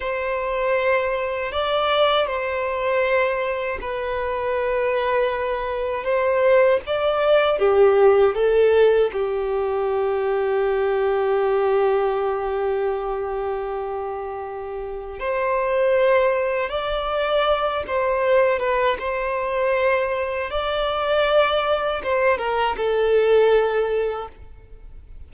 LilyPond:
\new Staff \with { instrumentName = "violin" } { \time 4/4 \tempo 4 = 79 c''2 d''4 c''4~ | c''4 b'2. | c''4 d''4 g'4 a'4 | g'1~ |
g'1 | c''2 d''4. c''8~ | c''8 b'8 c''2 d''4~ | d''4 c''8 ais'8 a'2 | }